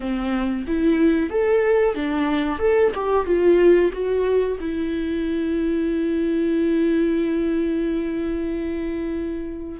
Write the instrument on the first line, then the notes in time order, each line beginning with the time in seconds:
viola
0.00 C4
0.67 E4
1.30 A4
1.94 D4
2.58 A4
2.94 G4
3.25 F4
3.92 F#4
4.60 E4